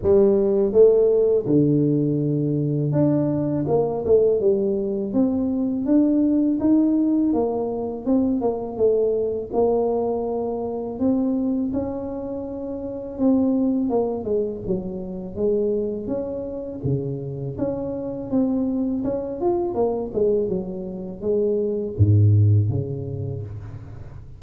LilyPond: \new Staff \with { instrumentName = "tuba" } { \time 4/4 \tempo 4 = 82 g4 a4 d2 | d'4 ais8 a8 g4 c'4 | d'4 dis'4 ais4 c'8 ais8 | a4 ais2 c'4 |
cis'2 c'4 ais8 gis8 | fis4 gis4 cis'4 cis4 | cis'4 c'4 cis'8 f'8 ais8 gis8 | fis4 gis4 gis,4 cis4 | }